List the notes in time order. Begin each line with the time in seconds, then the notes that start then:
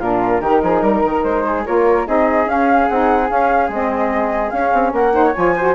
0.00 A#2 D4 F4 A#4
0.41 D#3 D#4 G4
0.63 F3 G#4
0.82 G3 A#4
1.05 D#3
1.24 G#3 C5
1.47 G#4
1.66 A#3 F4 A#4 C#5
2.06 C4 D#4 G#4 D#5
2.47 C#4 F5
2.89 C4 D#4 F#5
3.28 C#4 F5
3.69 G#3 C4 D#5
4.50 C#4 F5
4.57 C#4
4.74 C4
4.93 A#3 A#4 F#5
5.13 D#4 C5
5.24 C#5
5.36 F3 F4 G#5
5.56 F#4 C5